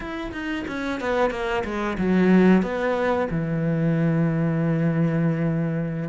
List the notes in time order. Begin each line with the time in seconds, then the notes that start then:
0.00 E4
0.32 D#4
0.67 C#4
1.00 B3
1.30 A#3
1.64 G#3
1.98 F#3
2.62 B3
3.30 E3